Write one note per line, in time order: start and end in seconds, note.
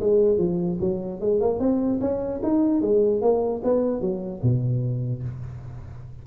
0.00 0.38 G#3
0.38 0.78 F3
0.80 1.20 F#3
1.20 1.40 G#3
1.40 1.59 A#3
1.59 2.00 C4
2.00 2.41 C#4
2.43 2.81 D#4
2.81 3.21 G#3
3.21 3.61 A#3
3.64 4.01 B3
4.01 4.41 F#3
4.42 5.23 B2